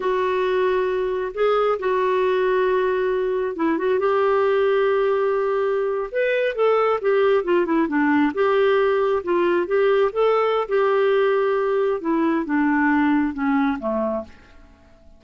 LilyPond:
\new Staff \with { instrumentName = "clarinet" } { \time 4/4 \tempo 4 = 135 fis'2. gis'4 | fis'1 | e'8 fis'8 g'2.~ | g'4.~ g'16 b'4 a'4 g'16~ |
g'8. f'8 e'8 d'4 g'4~ g'16~ | g'8. f'4 g'4 a'4~ a'16 | g'2. e'4 | d'2 cis'4 a4 | }